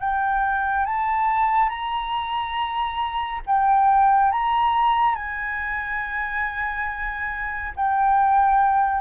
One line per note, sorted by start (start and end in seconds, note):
0.00 0.86 G5
0.86 1.69 A5
1.69 3.41 A#5
3.46 4.32 G5
4.32 5.15 A#5
5.15 7.73 G#5
7.76 9.01 G5